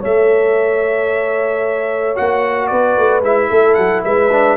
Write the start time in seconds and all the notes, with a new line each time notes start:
0.00 A3 A4 C#5 E5
2.15 A#3 F#4 F#5
2.67 B3 B4 D5
2.97 A3
3.20 G#3 E4 E5
3.50 A3 A4
3.74 F#3 F#5
4.03 G#3 B4 E5
4.31 D4